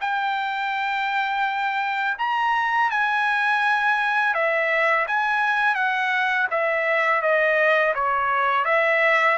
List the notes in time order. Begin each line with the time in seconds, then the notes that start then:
0.00 G5
2.18 A#5
2.90 G#5
4.34 E5
5.07 G#5
5.75 F#5
6.50 E5
7.21 D#5
7.94 C#5
8.65 E5